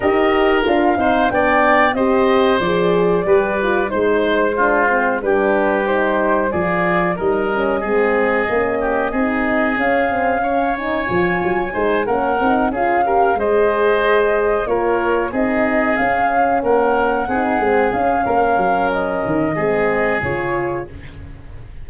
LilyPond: <<
  \new Staff \with { instrumentName = "flute" } { \time 4/4 \tempo 4 = 92 dis''4 f''4 g''4 dis''4 | d''2 c''2 | b'4 c''4 d''4 dis''4~ | dis''2. f''4~ |
f''8 gis''2 fis''4 f''8~ | f''8 dis''2 cis''4 dis''8~ | dis''8 f''4 fis''2 f''8~ | f''4 dis''2 cis''4 | }
  \new Staff \with { instrumentName = "oboe" } { \time 4/4 ais'4. c''8 d''4 c''4~ | c''4 b'4 c''4 f'4 | g'2 gis'4 ais'4 | gis'4. g'8 gis'2 |
cis''2 c''8 ais'4 gis'8 | ais'8 c''2 ais'4 gis'8~ | gis'4. ais'4 gis'4. | ais'2 gis'2 | }
  \new Staff \with { instrumentName = "horn" } { \time 4/4 g'4 f'8 dis'8 d'4 g'4 | gis'4 g'8 f'8 dis'4 d'8 c'8 | d'4 dis'4 f'4 dis'8 cis'8 | c'4 cis'4 dis'4 cis'8 c'8 |
cis'8 dis'8 f'4 dis'8 cis'8 dis'8 f'8 | g'8 gis'2 f'4 dis'8~ | dis'8 cis'2 dis'8 c'8 cis'8~ | cis'2 c'4 f'4 | }
  \new Staff \with { instrumentName = "tuba" } { \time 4/4 dis'4 d'8 c'8 b4 c'4 | f4 g4 gis2 | g2 f4 g4 | gis4 ais4 c'4 cis'4~ |
cis'4 f8 fis8 gis8 ais8 c'8 cis'8~ | cis'8 gis2 ais4 c'8~ | c'8 cis'4 ais4 c'8 gis8 cis'8 | ais8 fis4 dis8 gis4 cis4 | }
>>